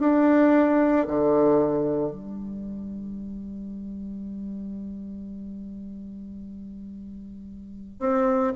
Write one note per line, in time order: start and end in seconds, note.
0.00 1.07 D4
1.08 2.11 D3
2.11 8.00 G3
8.00 8.53 C4